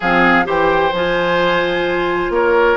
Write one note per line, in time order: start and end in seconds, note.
0.00 0.46 F3
0.00 0.44 C4
0.00 0.44 G#4
0.00 0.47 F5
0.44 0.92 E3
0.44 0.91 G4
0.44 2.32 C5
0.44 0.95 G5
0.92 2.29 F3
0.92 2.77 F4
0.92 2.33 G#5
2.29 2.76 A#3
2.29 2.77 A#4
2.29 2.77 C#5